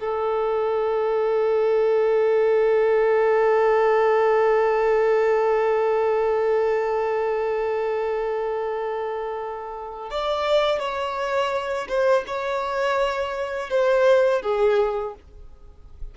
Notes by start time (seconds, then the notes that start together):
0.00 A4
10.11 D5
10.79 C#5
11.88 C5
12.27 C#5
13.70 C5
14.42 G#4